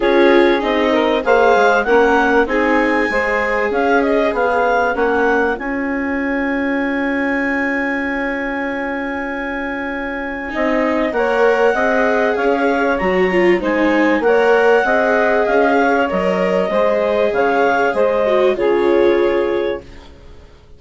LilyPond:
<<
  \new Staff \with { instrumentName = "clarinet" } { \time 4/4 \tempo 4 = 97 cis''4 dis''4 f''4 fis''4 | gis''2 f''8 dis''8 f''4 | fis''4 gis''2.~ | gis''1~ |
gis''2 fis''2 | f''4 ais''4 gis''4 fis''4~ | fis''4 f''4 dis''2 | f''4 dis''4 cis''2 | }
  \new Staff \with { instrumentName = "saxophone" } { \time 4/4 gis'4. ais'8 c''4 ais'4 | gis'4 c''4 cis''2~ | cis''1~ | cis''1~ |
cis''4 dis''4 cis''4 dis''4 | cis''2 c''4 cis''4 | dis''4. cis''4. c''4 | cis''4 c''4 gis'2 | }
  \new Staff \with { instrumentName = "viola" } { \time 4/4 f'4 dis'4 gis'4 cis'4 | dis'4 gis'2. | cis'4 f'2.~ | f'1~ |
f'4 dis'4 ais'4 gis'4~ | gis'4 fis'8 f'8 dis'4 ais'4 | gis'2 ais'4 gis'4~ | gis'4. fis'8 f'2 | }
  \new Staff \with { instrumentName = "bassoon" } { \time 4/4 cis'4 c'4 ais8 gis8 ais4 | c'4 gis4 cis'4 b4 | ais4 cis'2.~ | cis'1~ |
cis'4 c'4 ais4 c'4 | cis'4 fis4 gis4 ais4 | c'4 cis'4 fis4 gis4 | cis4 gis4 cis2 | }
>>